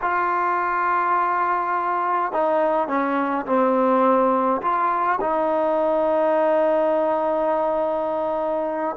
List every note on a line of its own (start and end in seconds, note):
0.01 2.32 F4
2.32 2.87 D#4
2.87 3.45 C#4
3.46 4.61 C4
4.61 5.19 F4
5.21 8.96 D#4